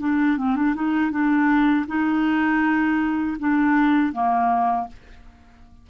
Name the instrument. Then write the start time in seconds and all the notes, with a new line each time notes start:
clarinet
0.00 D4
0.38 C4
0.56 D4
0.75 D#4
1.11 D4
1.87 D#4
3.39 D4
4.12 A#3